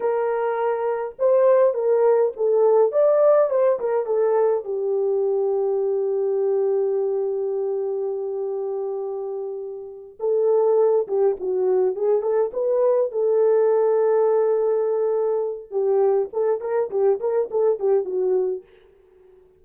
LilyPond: \new Staff \with { instrumentName = "horn" } { \time 4/4 \tempo 4 = 103 ais'2 c''4 ais'4 | a'4 d''4 c''8 ais'8 a'4 | g'1~ | g'1~ |
g'4. a'4. g'8 fis'8~ | fis'8 gis'8 a'8 b'4 a'4.~ | a'2. g'4 | a'8 ais'8 g'8 ais'8 a'8 g'8 fis'4 | }